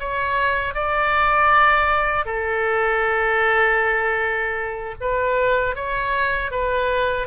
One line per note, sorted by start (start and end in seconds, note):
0.00 0.74 C#5
0.74 2.26 D5
2.26 4.95 A4
5.01 5.75 B4
5.75 6.51 C#5
6.51 7.27 B4